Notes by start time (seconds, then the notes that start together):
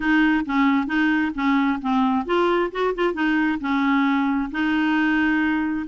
0.00 D#4
0.45 C#4
0.87 D#4
1.34 C#4
1.81 C4
2.25 F4
2.71 F#4
2.94 F4
3.13 D#4
3.60 C#4
4.51 D#4